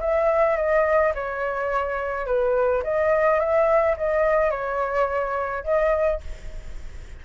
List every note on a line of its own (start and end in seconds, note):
0.00 0.56 E5
0.56 1.13 D#5
1.14 2.26 C#5
2.26 2.83 B4
2.83 3.39 D#5
3.39 3.96 E5
3.96 4.51 D#5
4.51 5.63 C#5
5.63 6.20 D#5